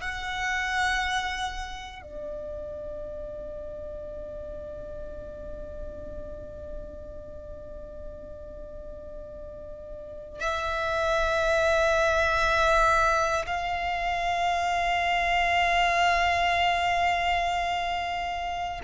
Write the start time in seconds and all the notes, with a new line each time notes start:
0.00 F#5
2.02 D5
10.40 E5
13.47 F5